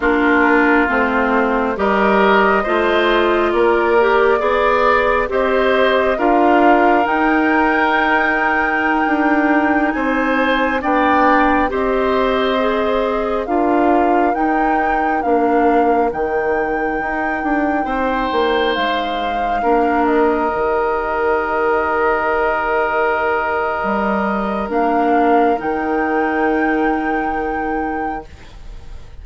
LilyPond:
<<
  \new Staff \with { instrumentName = "flute" } { \time 4/4 \tempo 4 = 68 ais'4 c''4 dis''2 | d''2 dis''4 f''4 | g''2.~ g''16 gis''8.~ | gis''16 g''4 dis''2 f''8.~ |
f''16 g''4 f''4 g''4.~ g''16~ | g''4~ g''16 f''4. dis''4~ dis''16~ | dis''1 | f''4 g''2. | }
  \new Staff \with { instrumentName = "oboe" } { \time 4/4 f'2 ais'4 c''4 | ais'4 d''4 c''4 ais'4~ | ais'2.~ ais'16 c''8.~ | c''16 d''4 c''2 ais'8.~ |
ais'1~ | ais'16 c''2 ais'4.~ ais'16~ | ais'1~ | ais'1 | }
  \new Staff \with { instrumentName = "clarinet" } { \time 4/4 d'4 c'4 g'4 f'4~ | f'8 g'8 gis'4 g'4 f'4 | dis'1~ | dis'16 d'4 g'4 gis'4 f'8.~ |
f'16 dis'4 d'4 dis'4.~ dis'16~ | dis'2~ dis'16 d'4 g'8.~ | g'1 | d'4 dis'2. | }
  \new Staff \with { instrumentName = "bassoon" } { \time 4/4 ais4 a4 g4 a4 | ais4 b4 c'4 d'4 | dis'2~ dis'16 d'4 c'8.~ | c'16 b4 c'2 d'8.~ |
d'16 dis'4 ais4 dis4 dis'8 d'16~ | d'16 c'8 ais8 gis4 ais4 dis8.~ | dis2. g4 | ais4 dis2. | }
>>